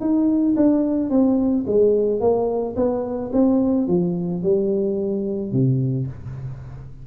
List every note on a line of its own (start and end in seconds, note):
0.00 0.55 D#4
0.56 1.10 D4
1.10 1.65 C4
1.66 2.20 G#3
2.20 2.75 A#3
2.76 3.31 B3
3.32 3.87 C4
3.87 4.42 F3
4.42 5.51 G3
5.51 6.07 C3